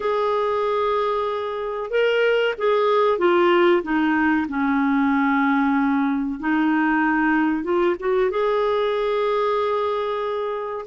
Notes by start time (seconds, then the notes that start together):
0.00 G#4
1.90 A#4
2.58 G#4
3.18 F4
3.82 D#4
4.48 C#4
6.39 D#4
7.63 F4
7.99 F#4
8.30 G#4